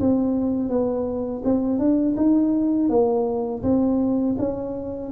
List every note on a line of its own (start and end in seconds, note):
0.00 0.69 C4
0.69 1.42 B3
1.45 1.79 C4
1.79 2.16 D4
2.16 2.89 D#4
2.89 3.63 A#3
3.63 4.36 C4
4.38 5.12 C#4